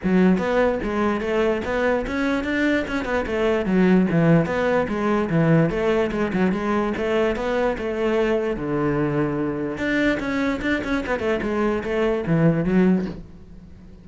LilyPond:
\new Staff \with { instrumentName = "cello" } { \time 4/4 \tempo 4 = 147 fis4 b4 gis4 a4 | b4 cis'4 d'4 cis'8 b8 | a4 fis4 e4 b4 | gis4 e4 a4 gis8 fis8 |
gis4 a4 b4 a4~ | a4 d2. | d'4 cis'4 d'8 cis'8 b8 a8 | gis4 a4 e4 fis4 | }